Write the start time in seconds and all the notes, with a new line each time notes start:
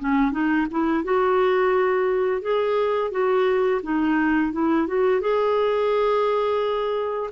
0.00 C#4
0.32 D#4
0.71 E4
1.04 F#4
2.42 G#4
3.12 F#4
3.83 D#4
4.53 E4
4.87 F#4
5.21 G#4